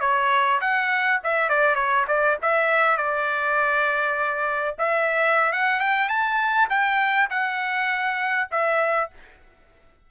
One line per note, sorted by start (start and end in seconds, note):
0.00 0.59 C#5
0.60 1.20 F#5
1.23 1.49 E5
1.49 1.75 D5
1.75 2.05 C#5
2.07 2.37 D5
2.42 2.97 E5
2.97 4.75 D5
4.78 5.52 E5
5.52 5.79 F#5
5.79 6.09 G5
6.09 6.68 A5
6.69 7.29 G5
7.30 8.48 F#5
8.51 9.10 E5